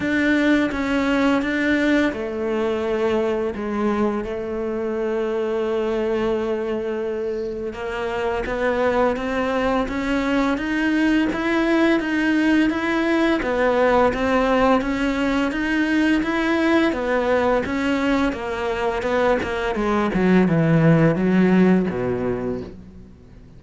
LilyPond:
\new Staff \with { instrumentName = "cello" } { \time 4/4 \tempo 4 = 85 d'4 cis'4 d'4 a4~ | a4 gis4 a2~ | a2. ais4 | b4 c'4 cis'4 dis'4 |
e'4 dis'4 e'4 b4 | c'4 cis'4 dis'4 e'4 | b4 cis'4 ais4 b8 ais8 | gis8 fis8 e4 fis4 b,4 | }